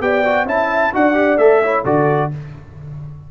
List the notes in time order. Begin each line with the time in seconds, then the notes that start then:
0.00 B3 G4 D5 G5
0.24 F#4
0.45 C#4 E4 E5 A5
0.92 D4 F#4 D5 F#5
1.13 G4
1.37 A3 A4 E5
1.62 E4 C#5
1.83 D3 F#4 A4 D5